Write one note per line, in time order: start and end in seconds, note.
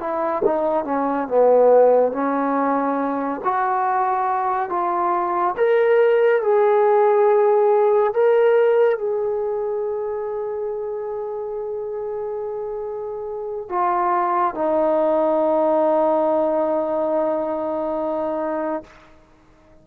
0.00 0.43 E4
0.45 0.85 D#4
0.85 1.28 C#4
1.28 2.13 B3
2.13 3.41 C#4
3.44 4.70 F#4
4.70 5.56 F4
5.58 6.42 A#4
6.42 8.14 G#4
8.14 8.99 A#4
8.99 13.69 G#4
13.69 14.55 F4
14.55 18.84 D#4